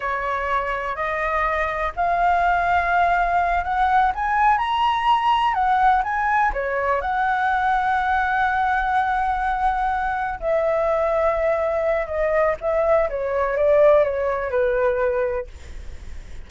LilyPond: \new Staff \with { instrumentName = "flute" } { \time 4/4 \tempo 4 = 124 cis''2 dis''2 | f''2.~ f''8 fis''8~ | fis''8 gis''4 ais''2 fis''8~ | fis''8 gis''4 cis''4 fis''4.~ |
fis''1~ | fis''4. e''2~ e''8~ | e''4 dis''4 e''4 cis''4 | d''4 cis''4 b'2 | }